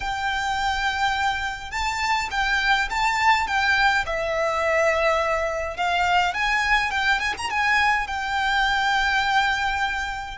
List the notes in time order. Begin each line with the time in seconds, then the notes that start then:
0.00 G5
1.71 A5
2.31 G5
2.90 A5
3.47 G5
4.06 E5
5.76 F5
6.34 G#5
6.90 G5
7.19 G#5
7.37 A#5
7.50 G#5
8.07 G5